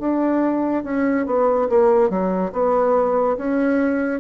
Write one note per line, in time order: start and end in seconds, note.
0.00 0.84 D4
0.84 1.26 C#4
1.27 1.69 B3
1.70 2.10 A#3
2.10 2.52 F#3
2.53 3.37 B3
3.38 4.21 C#4